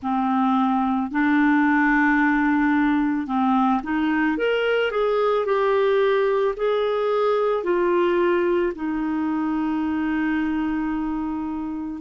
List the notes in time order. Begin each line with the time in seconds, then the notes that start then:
0.02 C4
1.11 D4
3.26 C4
3.83 D#4
4.37 A#4
4.91 G#4
5.45 G4
6.56 G#4
7.63 F4
8.75 D#4